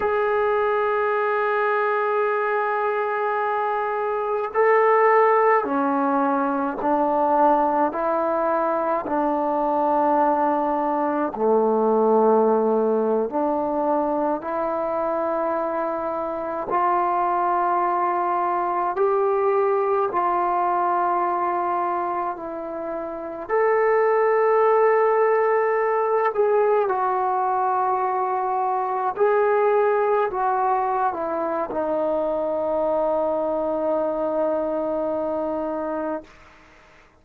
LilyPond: \new Staff \with { instrumentName = "trombone" } { \time 4/4 \tempo 4 = 53 gis'1 | a'4 cis'4 d'4 e'4 | d'2 a4.~ a16 d'16~ | d'8. e'2 f'4~ f'16~ |
f'8. g'4 f'2 e'16~ | e'8. a'2~ a'8 gis'8 fis'16~ | fis'4.~ fis'16 gis'4 fis'8. e'8 | dis'1 | }